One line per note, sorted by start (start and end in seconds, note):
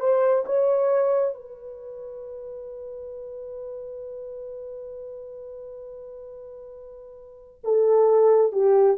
0.00 0.45 C5
0.46 1.34 C#5
1.34 7.61 B4
7.64 8.52 A4
8.52 8.97 G4